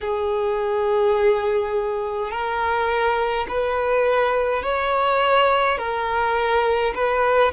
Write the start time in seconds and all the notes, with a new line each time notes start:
0.01 G#4
2.31 A#4
3.48 B4
4.63 C#5
5.77 A#4
6.94 B4